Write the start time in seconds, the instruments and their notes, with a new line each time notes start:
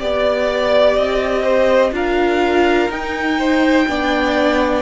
0.00 cello B3, viola G4, violin D5
0.96 cello C4, violin D#5
1.42 violin C5
1.92 cello D4, viola F4, violin A#4 F5
2.89 cello D#4, viola D#4, violin G5
3.39 violin C5
3.88 cello B3, viola D4, violin D5